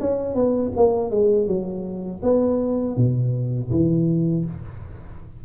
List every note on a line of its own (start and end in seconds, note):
0.00 0.35 C#4
0.35 0.72 B3
0.76 1.11 A#3
1.11 1.47 G#3
1.47 2.21 F#3
2.23 2.97 B3
2.97 3.71 B2
3.71 4.45 E3